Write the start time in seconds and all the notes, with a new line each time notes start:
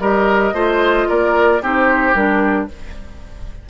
0.00 G3 G4 A#4 D#5
0.53 A3 F4 C5
1.09 A#3 A#4 D5
1.62 C4 D#4 G4 C5
2.14 G3 D4 A#4